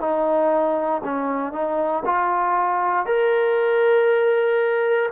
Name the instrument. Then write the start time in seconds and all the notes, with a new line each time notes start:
trombone
0.00 D#4
1.04 C#4
1.53 D#4
2.06 F4
3.06 A#4